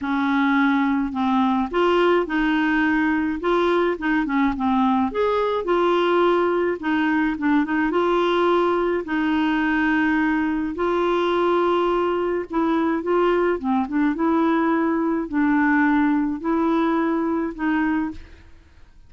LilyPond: \new Staff \with { instrumentName = "clarinet" } { \time 4/4 \tempo 4 = 106 cis'2 c'4 f'4 | dis'2 f'4 dis'8 cis'8 | c'4 gis'4 f'2 | dis'4 d'8 dis'8 f'2 |
dis'2. f'4~ | f'2 e'4 f'4 | c'8 d'8 e'2 d'4~ | d'4 e'2 dis'4 | }